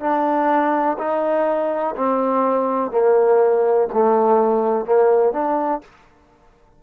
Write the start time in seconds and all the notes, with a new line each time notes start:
0.00 D4
0.98 D#4
1.96 C4
2.91 A#3
3.93 A3
4.85 A#3
5.33 D4